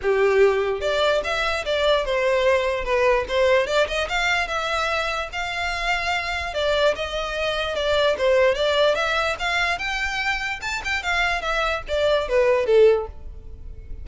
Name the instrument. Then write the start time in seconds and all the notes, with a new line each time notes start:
violin
0.01 G4
0.81 D5
1.24 E5
1.65 D5
2.05 C5
2.84 B4
3.28 C5
3.67 D5
3.87 D#5
4.09 F5
4.47 E5
5.32 F5
6.54 D5
6.95 D#5
7.75 D5
8.18 C5
8.54 D5
8.95 E5
9.39 F5
9.78 G5
10.61 A5
10.84 G5
11.02 F5
11.41 E5
11.87 D5
12.28 B4
12.65 A4